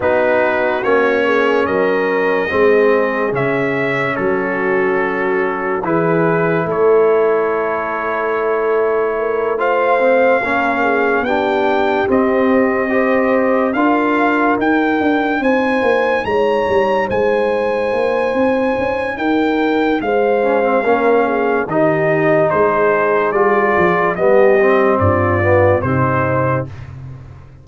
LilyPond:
<<
  \new Staff \with { instrumentName = "trumpet" } { \time 4/4 \tempo 4 = 72 b'4 cis''4 dis''2 | e''4 a'2 b'4 | cis''2.~ cis''8 f''8~ | f''4. g''4 dis''4.~ |
dis''8 f''4 g''4 gis''4 ais''8~ | ais''8 gis''2~ gis''8 g''4 | f''2 dis''4 c''4 | d''4 dis''4 d''4 c''4 | }
  \new Staff \with { instrumentName = "horn" } { \time 4/4 fis'4. gis'8 ais'4 gis'4~ | gis'4 fis'2 gis'4 | a'2. ais'8 c''8~ | c''8 ais'8 gis'8 g'2 c''8~ |
c''8 ais'2 c''4 cis''8~ | cis''8 c''2~ c''8 ais'4 | c''4 ais'8 gis'8 g'4 gis'4~ | gis'4 g'4 f'4 dis'4 | }
  \new Staff \with { instrumentName = "trombone" } { \time 4/4 dis'4 cis'2 c'4 | cis'2. e'4~ | e'2.~ e'8 f'8 | c'8 cis'4 d'4 c'4 g'8~ |
g'8 f'4 dis'2~ dis'8~ | dis'1~ | dis'8 cis'16 c'16 cis'4 dis'2 | f'4 b8 c'4 b8 c'4 | }
  \new Staff \with { instrumentName = "tuba" } { \time 4/4 b4 ais4 fis4 gis4 | cis4 fis2 e4 | a1~ | a8 ais4 b4 c'4.~ |
c'8 d'4 dis'8 d'8 c'8 ais8 gis8 | g8 gis4 ais8 c'8 cis'8 dis'4 | gis4 ais4 dis4 gis4 | g8 f8 g4 g,4 c4 | }
>>